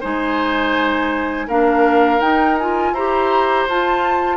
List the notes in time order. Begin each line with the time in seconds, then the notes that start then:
0.00 G#3 D#4 C5 G#5
1.47 A#3 D4 A#4 F5
2.19 D#4 G5
2.58 F4 G#5
2.91 E4 G4 C5 A#5
3.68 F4 A5